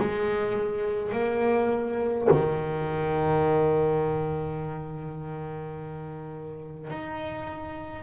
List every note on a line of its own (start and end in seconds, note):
0.00 1.13 G#3
1.13 2.28 A#3
2.31 6.90 D#3
6.90 8.03 D#4